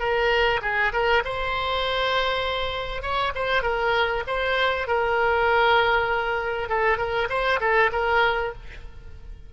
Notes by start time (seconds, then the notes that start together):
0.00 A#4
0.62 G#4
0.93 A#4
1.25 C5
3.03 C#5
3.36 C5
3.63 A#4
4.27 C5
4.88 A#4
6.69 A4
6.98 A#4
7.30 C5
7.61 A4
7.93 A#4